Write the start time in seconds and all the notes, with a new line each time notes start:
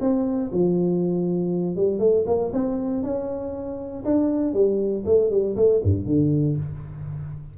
0.00 C4
0.52 F3
1.76 G3
1.99 A3
2.26 A#3
2.52 C4
3.03 C#4
4.04 D4
4.53 G3
5.05 A3
5.30 G3
5.56 A3
5.83 G2
6.05 D3